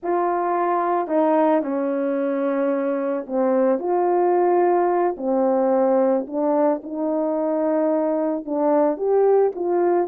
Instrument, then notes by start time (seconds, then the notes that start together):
horn
0.02 F4
1.07 D#4
1.62 C#4
3.27 C4
3.79 F4
5.17 C4
6.27 D4
6.83 D#4
8.45 D4
8.97 G4
9.55 F4